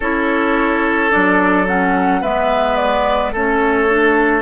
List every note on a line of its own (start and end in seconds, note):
0.00 1.12 C#4
0.00 1.10 E4
0.00 2.21 A4
0.00 1.11 C#5
1.10 2.22 F#3
1.10 1.66 D4
1.10 1.66 D5
1.66 2.22 C#4
1.66 2.22 F#5
2.21 3.33 G#3
2.21 3.33 B3
2.21 3.32 B4
2.21 2.76 E5
2.76 3.31 D5
3.32 4.41 A3
3.32 3.88 C#4
3.32 4.41 A4
3.32 4.41 C#5
3.88 4.41 D4